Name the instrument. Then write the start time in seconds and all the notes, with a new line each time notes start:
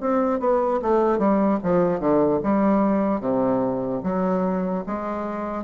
bassoon
0.00 C4
0.39 B3
0.81 A3
1.18 G3
1.63 F3
1.99 D3
2.43 G3
3.20 C3
4.03 F#3
4.86 G#3